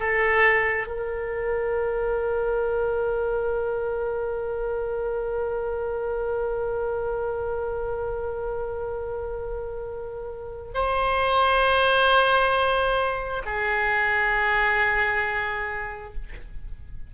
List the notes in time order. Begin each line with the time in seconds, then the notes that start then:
0.00 A4
0.87 A#4
10.75 C5
13.46 G#4